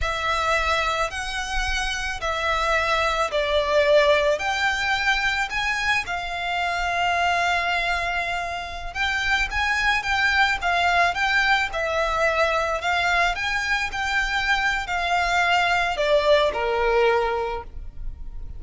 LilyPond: \new Staff \with { instrumentName = "violin" } { \time 4/4 \tempo 4 = 109 e''2 fis''2 | e''2 d''2 | g''2 gis''4 f''4~ | f''1~ |
f''16 g''4 gis''4 g''4 f''8.~ | f''16 g''4 e''2 f''8.~ | f''16 gis''4 g''4.~ g''16 f''4~ | f''4 d''4 ais'2 | }